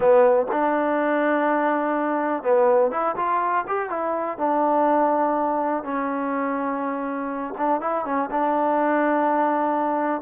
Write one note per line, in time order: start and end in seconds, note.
0.00 0.46 B3
0.51 2.43 D4
2.43 2.91 B3
2.91 3.15 E4
3.16 3.64 F4
3.67 3.89 G4
3.89 4.38 E4
4.38 5.83 D4
5.83 7.54 C#4
7.57 7.80 D4
7.80 8.05 E4
8.05 8.29 C#4
8.30 10.21 D4